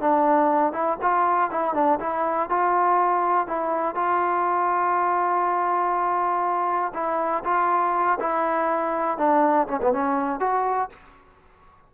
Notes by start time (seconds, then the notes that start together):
0.00 D4
0.72 E4
1.02 F4
1.51 E4
1.74 D4
2.00 E4
2.49 F4
3.47 E4
3.95 F4
6.94 E4
7.44 F4
8.20 E4
9.18 D4
9.68 C#4
9.82 B3
9.93 C#4
10.40 F#4